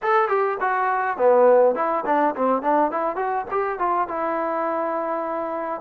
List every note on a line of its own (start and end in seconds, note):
0.02 0.28 A4
0.28 0.57 G4
0.60 1.17 F#4
1.17 1.75 B3
1.75 2.04 E4
2.05 2.34 D4
2.35 2.62 C4
2.62 2.91 D4
2.91 3.16 E4
3.16 3.45 F#4
3.50 3.79 G4
3.79 4.08 F4
4.08 5.81 E4